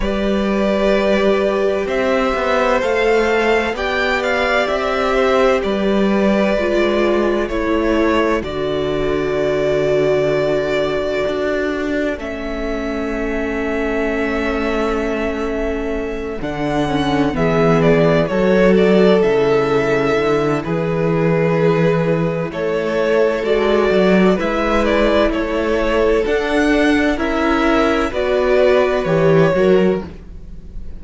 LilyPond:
<<
  \new Staff \with { instrumentName = "violin" } { \time 4/4 \tempo 4 = 64 d''2 e''4 f''4 | g''8 f''8 e''4 d''2 | cis''4 d''2.~ | d''4 e''2.~ |
e''4. fis''4 e''8 d''8 cis''8 | d''8 e''4. b'2 | cis''4 d''4 e''8 d''8 cis''4 | fis''4 e''4 d''4 cis''4 | }
  \new Staff \with { instrumentName = "violin" } { \time 4/4 b'2 c''2 | d''4. c''8 b'2 | a'1~ | a'1~ |
a'2~ a'8 gis'4 a'8~ | a'2 gis'2 | a'2 b'4 a'4~ | a'4 ais'4 b'4. ais'8 | }
  \new Staff \with { instrumentName = "viola" } { \time 4/4 g'2. a'4 | g'2. f'4 | e'4 fis'2.~ | fis'4 cis'2.~ |
cis'4. d'8 cis'8 b4 fis'8~ | fis'8 e'2.~ e'8~ | e'4 fis'4 e'2 | d'4 e'4 fis'4 g'8 fis'8 | }
  \new Staff \with { instrumentName = "cello" } { \time 4/4 g2 c'8 b8 a4 | b4 c'4 g4 gis4 | a4 d2. | d'4 a2.~ |
a4. d4 e4 fis8~ | fis8 cis4 d8 e2 | a4 gis8 fis8 gis4 a4 | d'4 cis'4 b4 e8 fis8 | }
>>